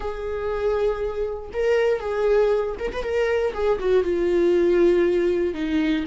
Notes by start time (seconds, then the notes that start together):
0.00 G#4
1.53 A#4
2.00 G#4
2.79 A#4
2.92 B4
3.02 A#4
3.53 G#4
3.79 F#4
4.03 F4
5.54 D#4